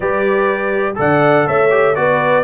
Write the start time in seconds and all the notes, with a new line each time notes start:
0.00 G3 G4 B4 D5
0.95 D3 A4 D5 F#5
1.47 A3 C#5 E5
1.70 G4
1.95 B3 F#4 B4 D5